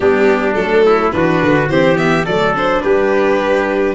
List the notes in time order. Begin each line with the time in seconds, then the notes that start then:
0.00 G3 B3 D4 G4
0.54 F#3 A3 A4
0.85 E4
1.11 E3 D4 F#4 B4
1.43 D3
1.68 E3 C4 G4 C5
1.96 B3 E5
2.25 F#3 A3 A4 D5
2.55 D4 C5
2.82 G3 G4 B4